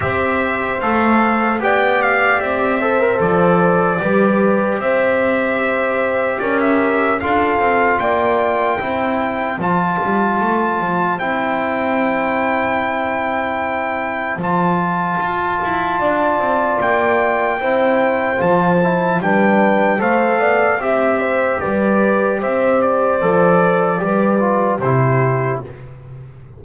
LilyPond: <<
  \new Staff \with { instrumentName = "trumpet" } { \time 4/4 \tempo 4 = 75 e''4 f''4 g''8 f''8 e''4 | d''2 e''2 | d''16 e''8. f''4 g''2 | a''2 g''2~ |
g''2 a''2~ | a''4 g''2 a''4 | g''4 f''4 e''4 d''4 | e''8 d''2~ d''8 c''4 | }
  \new Staff \with { instrumentName = "horn" } { \time 4/4 c''2 d''4. c''8~ | c''4 b'4 c''2 | ais'4 a'4 d''4 c''4~ | c''1~ |
c''1 | d''2 c''2 | b'4 c''8 d''8 e''8 c''8 b'4 | c''2 b'4 g'4 | }
  \new Staff \with { instrumentName = "trombone" } { \time 4/4 g'4 a'4 g'4. a'16 ais'16 | a'4 g'2.~ | g'4 f'2 e'4 | f'2 e'2~ |
e'2 f'2~ | f'2 e'4 f'8 e'8 | d'4 a'4 g'2~ | g'4 a'4 g'8 f'8 e'4 | }
  \new Staff \with { instrumentName = "double bass" } { \time 4/4 c'4 a4 b4 c'4 | f4 g4 c'2 | cis'4 d'8 c'8 ais4 c'4 | f8 g8 a8 f8 c'2~ |
c'2 f4 f'8 e'8 | d'8 c'8 ais4 c'4 f4 | g4 a8 b8 c'4 g4 | c'4 f4 g4 c4 | }
>>